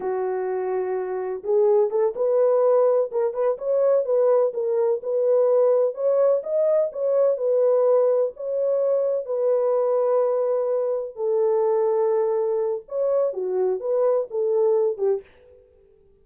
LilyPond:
\new Staff \with { instrumentName = "horn" } { \time 4/4 \tempo 4 = 126 fis'2. gis'4 | a'8 b'2 ais'8 b'8 cis''8~ | cis''8 b'4 ais'4 b'4.~ | b'8 cis''4 dis''4 cis''4 b'8~ |
b'4. cis''2 b'8~ | b'2.~ b'8 a'8~ | a'2. cis''4 | fis'4 b'4 a'4. g'8 | }